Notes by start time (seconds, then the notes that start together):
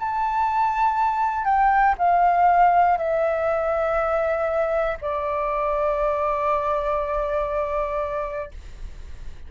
0.00 A5
1.45 G5
1.98 F5
2.98 E5
5.02 D5